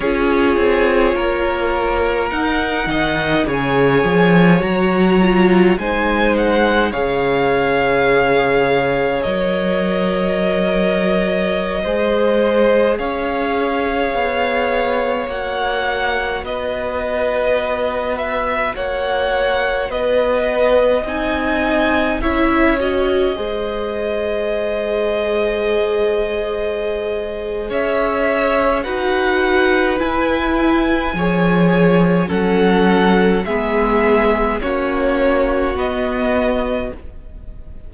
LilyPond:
<<
  \new Staff \with { instrumentName = "violin" } { \time 4/4 \tempo 4 = 52 cis''2 fis''4 gis''4 | ais''4 gis''8 fis''8 f''2 | dis''2.~ dis''16 f''8.~ | f''4~ f''16 fis''4 dis''4. e''16~ |
e''16 fis''4 dis''4 gis''4 e''8 dis''16~ | dis''1 | e''4 fis''4 gis''2 | fis''4 e''4 cis''4 dis''4 | }
  \new Staff \with { instrumentName = "violin" } { \time 4/4 gis'4 ais'4. dis''8 cis''4~ | cis''4 c''4 cis''2~ | cis''2~ cis''16 c''4 cis''8.~ | cis''2~ cis''16 b'4.~ b'16~ |
b'16 cis''4 b'4 dis''4 cis''8.~ | cis''16 c''2.~ c''8. | cis''4 b'2 cis''4 | a'4 gis'4 fis'2 | }
  \new Staff \with { instrumentName = "viola" } { \time 4/4 f'2 dis'4 gis'4 | fis'8 f'8 dis'4 gis'2 | ais'2~ ais'16 gis'4.~ gis'16~ | gis'4~ gis'16 fis'2~ fis'8.~ |
fis'2~ fis'16 dis'4 e'8 fis'16~ | fis'16 gis'2.~ gis'8.~ | gis'4 fis'4 e'4 gis'4 | cis'4 b4 cis'4 b4 | }
  \new Staff \with { instrumentName = "cello" } { \time 4/4 cis'8 c'8 ais4 dis'8 dis8 cis8 f8 | fis4 gis4 cis2 | fis2~ fis16 gis4 cis'8.~ | cis'16 b4 ais4 b4.~ b16~ |
b16 ais4 b4 c'4 cis'8.~ | cis'16 gis2.~ gis8. | cis'4 dis'4 e'4 f4 | fis4 gis4 ais4 b4 | }
>>